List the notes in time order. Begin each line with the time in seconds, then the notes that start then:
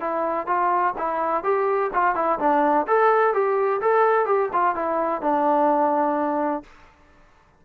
0.00 E4
0.46 F4
0.97 E4
1.43 G4
1.93 F4
2.15 E4
2.39 D4
2.87 A4
3.33 G4
3.81 A4
4.25 G4
4.52 F4
4.75 E4
5.21 D4